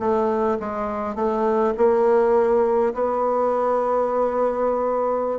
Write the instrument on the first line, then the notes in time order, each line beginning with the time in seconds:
bassoon
0.00 A3
0.60 G#3
1.15 A3
1.77 A#3
2.94 B3